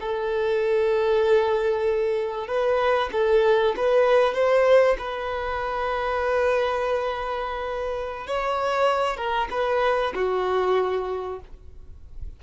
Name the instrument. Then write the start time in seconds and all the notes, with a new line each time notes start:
violin
0.00 A4
2.47 B4
3.12 A4
3.77 B4
4.34 C5
4.99 B4
8.27 C#5
9.17 A#4
9.50 B4
10.15 F#4